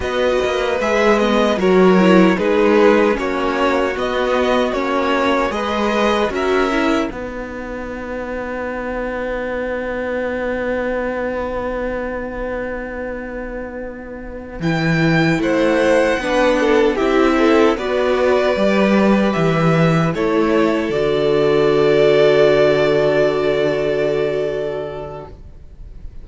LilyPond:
<<
  \new Staff \with { instrumentName = "violin" } { \time 4/4 \tempo 4 = 76 dis''4 e''8 dis''8 cis''4 b'4 | cis''4 dis''4 cis''4 dis''4 | e''4 fis''2.~ | fis''1~ |
fis''2~ fis''8 g''4 fis''8~ | fis''4. e''4 d''4.~ | d''8 e''4 cis''4 d''4.~ | d''1 | }
  \new Staff \with { instrumentName = "violin" } { \time 4/4 b'2 ais'4 gis'4 | fis'2. b'4 | ais'4 b'2.~ | b'1~ |
b'2.~ b'8 c''8~ | c''8 b'8 a'8 g'8 a'8 b'4.~ | b'4. a'2~ a'8~ | a'1 | }
  \new Staff \with { instrumentName = "viola" } { \time 4/4 fis'4 gis'8 b8 fis'8 e'8 dis'4 | cis'4 b4 cis'4 gis'4 | fis'8 e'8 dis'2.~ | dis'1~ |
dis'2~ dis'8 e'4.~ | e'8 d'4 e'4 fis'4 g'8~ | g'4. e'4 fis'4.~ | fis'1 | }
  \new Staff \with { instrumentName = "cello" } { \time 4/4 b8 ais8 gis4 fis4 gis4 | ais4 b4 ais4 gis4 | cis'4 b2.~ | b1~ |
b2~ b8 e4 a8~ | a8 b4 c'4 b4 g8~ | g8 e4 a4 d4.~ | d1 | }
>>